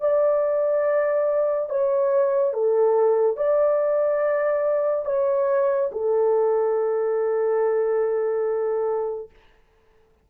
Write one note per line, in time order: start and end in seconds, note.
0.00 1.69 D5
1.69 2.53 C#5
2.53 3.36 A4
3.36 5.05 D5
5.05 5.90 C#5
5.91 9.29 A4